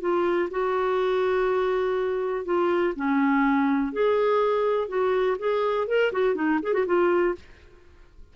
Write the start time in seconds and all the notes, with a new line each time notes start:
0.00 F4
0.50 F#4
2.45 F4
2.96 C#4
3.92 G#4
4.88 F#4
5.38 G#4
5.87 A#4
6.12 F#4
6.35 D#4
6.62 G#4
6.73 F#4
6.86 F4